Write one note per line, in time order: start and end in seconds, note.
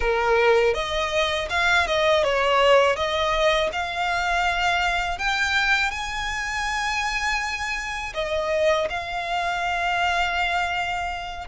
0.00 0.74 A#4
0.74 1.48 D#5
1.49 1.86 F5
1.87 2.23 D#5
2.23 2.96 C#5
2.96 3.70 D#5
3.72 5.18 F5
5.18 5.91 G5
5.91 8.13 G#5
8.14 8.88 D#5
8.89 11.47 F5